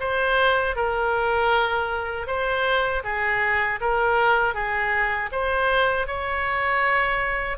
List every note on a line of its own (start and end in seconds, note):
0.00 0.76 C5
0.76 2.27 A#4
2.27 3.03 C5
3.04 3.80 G#4
3.81 4.54 A#4
4.54 5.30 G#4
5.32 6.07 C5
6.07 7.58 C#5